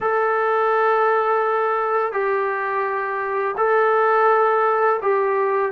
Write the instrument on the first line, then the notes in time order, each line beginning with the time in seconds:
trombone
0.01 A4
2.12 G4
3.57 A4
5.02 G4